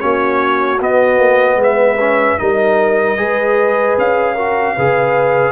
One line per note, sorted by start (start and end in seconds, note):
0.00 0.81 A#3
0.00 0.79 C#4
0.00 1.59 F#4
0.00 0.80 C#5
0.80 1.99 B3
0.80 1.19 B3
0.80 1.62 D#5
1.19 1.56 A#3
1.56 2.35 G#3
1.56 2.41 B4
1.63 2.39 E5
2.00 2.39 C#4
2.39 3.18 G3
2.39 3.17 D#4
2.39 3.19 A#4
2.39 3.97 D#5
3.17 3.97 G#3
3.17 4.36 G#4
3.17 4.35 B4
3.98 4.77 C#4
3.98 5.53 F5
4.35 4.78 F#4
4.35 4.75 A#4
4.76 5.53 C#3
4.76 5.53 G#4
4.76 5.53 B4